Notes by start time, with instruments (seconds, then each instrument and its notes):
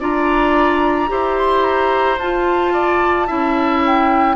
0.00 bassoon D4, clarinet F4, oboe D5, flute A#5
1.08 bassoon E4, clarinet G4, oboe C5
1.37 flute C6
1.64 flute A#5
2.18 bassoon F4, clarinet F4, flute A5
2.73 oboe D5
3.27 bassoon C#4, clarinet E4, oboe E5
3.86 flute G5